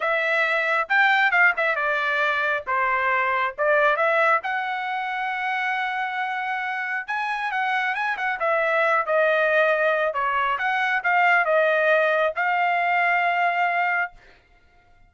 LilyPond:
\new Staff \with { instrumentName = "trumpet" } { \time 4/4 \tempo 4 = 136 e''2 g''4 f''8 e''8 | d''2 c''2 | d''4 e''4 fis''2~ | fis''1 |
gis''4 fis''4 gis''8 fis''8 e''4~ | e''8 dis''2~ dis''8 cis''4 | fis''4 f''4 dis''2 | f''1 | }